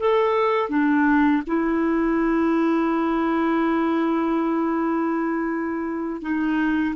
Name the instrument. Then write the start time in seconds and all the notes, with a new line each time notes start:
clarinet
0.00 A4
0.70 D4
1.47 E4
6.22 D#4